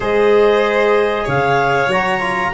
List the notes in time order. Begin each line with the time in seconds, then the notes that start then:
0.00 G#3 G#4 C5 D#5
1.24 C#3 C#5 F5
1.87 F#3 F#4 A#5
2.20 F4